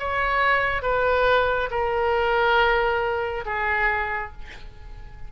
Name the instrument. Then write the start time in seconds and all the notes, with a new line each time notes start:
oboe
0.00 C#5
0.83 B4
1.71 A#4
3.45 G#4